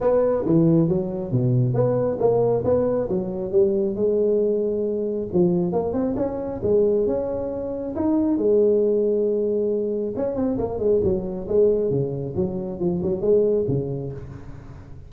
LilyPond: \new Staff \with { instrumentName = "tuba" } { \time 4/4 \tempo 4 = 136 b4 e4 fis4 b,4 | b4 ais4 b4 fis4 | g4 gis2. | f4 ais8 c'8 cis'4 gis4 |
cis'2 dis'4 gis4~ | gis2. cis'8 c'8 | ais8 gis8 fis4 gis4 cis4 | fis4 f8 fis8 gis4 cis4 | }